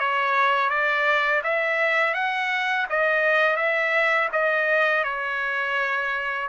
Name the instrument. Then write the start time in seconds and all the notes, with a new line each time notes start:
trumpet
0.00 C#5
0.70 D5
1.44 E5
2.14 F#5
2.90 D#5
3.57 E5
4.32 D#5
5.04 C#5